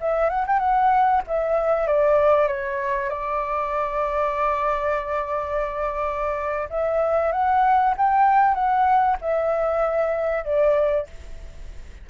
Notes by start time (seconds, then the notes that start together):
0.00 E5
0.29 F#5
0.46 G5
0.59 F#5
1.27 E5
1.87 D5
2.47 C#5
3.09 D5
6.69 E5
7.31 F#5
7.97 G5
8.54 F#5
9.21 E5
10.44 D5